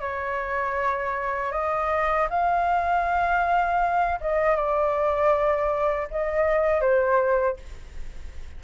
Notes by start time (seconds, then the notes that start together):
0.00 C#5
1.52 D#5
2.30 F5
4.20 D#5
4.56 D5
6.10 D#5
6.80 C5